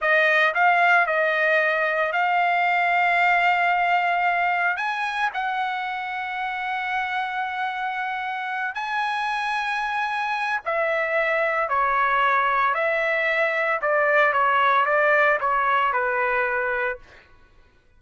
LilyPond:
\new Staff \with { instrumentName = "trumpet" } { \time 4/4 \tempo 4 = 113 dis''4 f''4 dis''2 | f''1~ | f''4 gis''4 fis''2~ | fis''1~ |
fis''8 gis''2.~ gis''8 | e''2 cis''2 | e''2 d''4 cis''4 | d''4 cis''4 b'2 | }